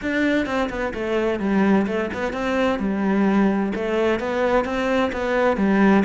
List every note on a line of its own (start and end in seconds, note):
0.01 0.45 D4
0.45 0.69 C4
0.69 0.93 B3
0.94 1.39 A3
1.39 1.86 G3
1.86 2.10 A3
2.13 2.33 B3
2.33 2.79 C4
2.79 3.72 G3
3.75 4.19 A3
4.19 4.64 B3
4.64 5.11 C4
5.12 5.57 B3
5.57 6.03 G3